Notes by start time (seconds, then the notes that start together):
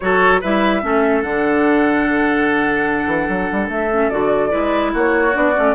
0.00 F#3 F#4 A4 C#5
0.40 G3 E4 B4 E5
0.82 A3 C#4 A4
1.22 D3 D4 F#5
3.06 E3
3.28 F#3
3.52 G3
3.68 A3 E5
3.90 C#4
4.09 D3 F#4 D5
4.50 G#3 E4 B4
4.93 A#3 F#4 C#5
5.32 B3 D4 D5
5.55 A3 C#4